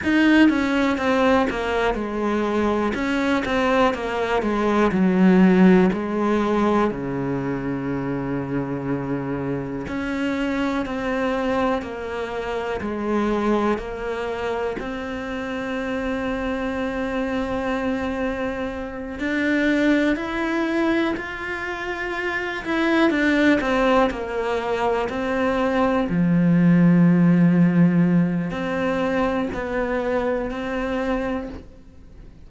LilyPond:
\new Staff \with { instrumentName = "cello" } { \time 4/4 \tempo 4 = 61 dis'8 cis'8 c'8 ais8 gis4 cis'8 c'8 | ais8 gis8 fis4 gis4 cis4~ | cis2 cis'4 c'4 | ais4 gis4 ais4 c'4~ |
c'2.~ c'8 d'8~ | d'8 e'4 f'4. e'8 d'8 | c'8 ais4 c'4 f4.~ | f4 c'4 b4 c'4 | }